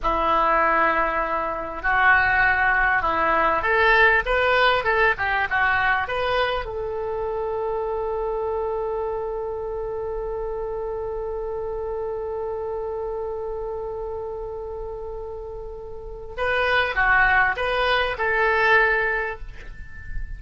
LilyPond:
\new Staff \with { instrumentName = "oboe" } { \time 4/4 \tempo 4 = 99 e'2. fis'4~ | fis'4 e'4 a'4 b'4 | a'8 g'8 fis'4 b'4 a'4~ | a'1~ |
a'1~ | a'1~ | a'2. b'4 | fis'4 b'4 a'2 | }